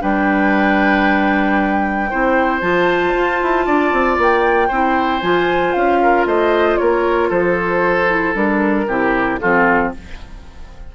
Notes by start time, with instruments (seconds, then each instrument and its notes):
0.00 bassoon G3, clarinet D4, oboe B4, flute G5
2.10 bassoon C4, clarinet E4, oboe C5
2.61 bassoon F3, clarinet F4, flute A5
3.15 bassoon F4
3.42 bassoon E4
3.66 bassoon D4, oboe D5
3.93 bassoon C4
4.18 bassoon A#3, flute G5
4.68 bassoon C4, clarinet E4, oboe C5
5.21 bassoon F3, clarinet F4, flute G#5
5.73 bassoon C#4, flute F5
6.03 oboe A#4
6.26 bassoon A3, oboe C5, flute D#5
6.77 bassoon A#3, oboe A#4, flute C#5
7.29 bassoon F3, oboe A4, flute C5
8.08 clarinet E4
8.34 bassoon G3, clarinet D4, flute A#4
8.87 bassoon C3, clarinet E4, oboe G4
9.40 bassoon F3, clarinet C4, oboe F4, flute A4